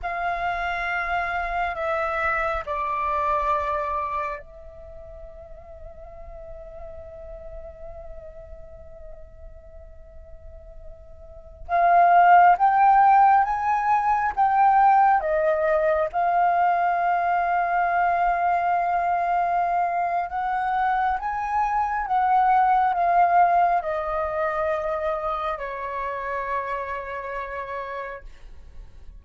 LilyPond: \new Staff \with { instrumentName = "flute" } { \time 4/4 \tempo 4 = 68 f''2 e''4 d''4~ | d''4 e''2.~ | e''1~ | e''4~ e''16 f''4 g''4 gis''8.~ |
gis''16 g''4 dis''4 f''4.~ f''16~ | f''2. fis''4 | gis''4 fis''4 f''4 dis''4~ | dis''4 cis''2. | }